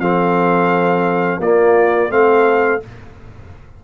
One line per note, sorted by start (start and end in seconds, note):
0.00 1.40 F3
0.00 1.42 C4
0.00 1.40 A4
0.00 1.41 F5
1.40 2.10 A#3
1.40 2.11 F4
1.40 2.12 D5
2.10 2.81 A3
2.10 2.81 C4
2.10 2.85 A4
2.10 2.82 F5